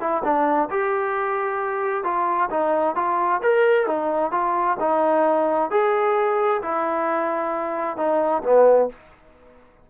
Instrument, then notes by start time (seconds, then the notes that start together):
trombone
0.00 E4
0.24 D4
0.70 G4
2.04 F4
2.50 D#4
2.95 F4
3.43 A#4
3.87 D#4
4.31 F4
4.80 D#4
5.70 G#4
6.62 E4
7.97 D#4
8.43 B3